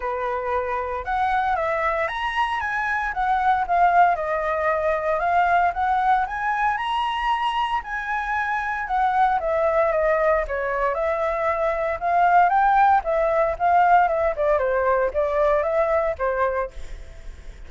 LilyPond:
\new Staff \with { instrumentName = "flute" } { \time 4/4 \tempo 4 = 115 b'2 fis''4 e''4 | ais''4 gis''4 fis''4 f''4 | dis''2 f''4 fis''4 | gis''4 ais''2 gis''4~ |
gis''4 fis''4 e''4 dis''4 | cis''4 e''2 f''4 | g''4 e''4 f''4 e''8 d''8 | c''4 d''4 e''4 c''4 | }